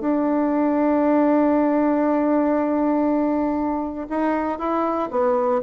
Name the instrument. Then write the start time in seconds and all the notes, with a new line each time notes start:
bassoon
0.00 D4
4.09 D#4
4.59 E4
5.10 B3